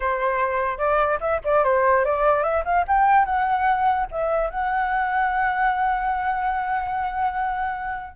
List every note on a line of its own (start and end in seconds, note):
0.00 0.78 C5
0.78 1.18 D5
1.20 1.40 E5
1.44 1.63 D5
1.63 2.04 C5
2.05 2.43 D5
2.43 2.63 E5
2.65 2.85 F5
2.87 3.25 G5
3.25 4.06 F#5
4.11 4.50 E5
4.50 8.16 F#5